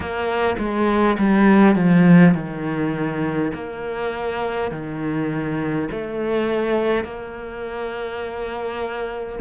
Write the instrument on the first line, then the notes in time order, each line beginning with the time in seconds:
cello
0.00 A#3
0.58 G#3
1.18 G3
1.75 F3
2.34 D#3
3.53 A#3
4.71 D#3
5.91 A3
7.03 A#3